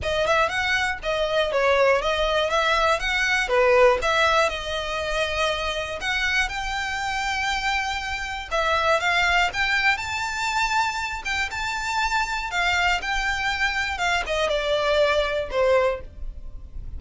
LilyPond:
\new Staff \with { instrumentName = "violin" } { \time 4/4 \tempo 4 = 120 dis''8 e''8 fis''4 dis''4 cis''4 | dis''4 e''4 fis''4 b'4 | e''4 dis''2. | fis''4 g''2.~ |
g''4 e''4 f''4 g''4 | a''2~ a''8 g''8 a''4~ | a''4 f''4 g''2 | f''8 dis''8 d''2 c''4 | }